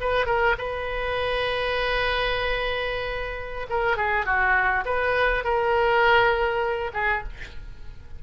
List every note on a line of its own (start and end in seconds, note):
0.00 0.25 B4
0.25 0.55 A#4
0.57 3.66 B4
3.69 3.97 A#4
3.97 4.25 G#4
4.25 4.84 F#4
4.85 5.44 B4
5.44 6.91 A#4
6.93 7.23 G#4